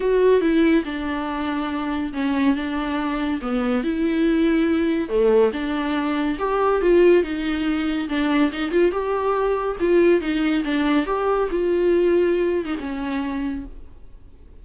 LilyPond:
\new Staff \with { instrumentName = "viola" } { \time 4/4 \tempo 4 = 141 fis'4 e'4 d'2~ | d'4 cis'4 d'2 | b4 e'2. | a4 d'2 g'4 |
f'4 dis'2 d'4 | dis'8 f'8 g'2 f'4 | dis'4 d'4 g'4 f'4~ | f'4.~ f'16 dis'16 cis'2 | }